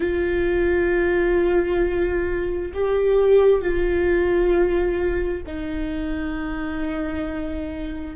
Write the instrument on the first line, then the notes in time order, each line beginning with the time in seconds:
viola
0.00 F4
2.74 G4
3.61 F4
5.46 D#4